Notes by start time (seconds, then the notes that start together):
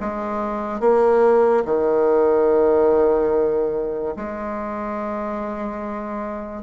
0.00 G#3
0.80 A#3
1.65 D#3
4.16 G#3